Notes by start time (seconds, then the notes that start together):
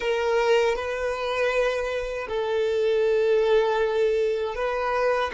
0.00 A#4
0.75 B4
2.28 A4
4.55 B4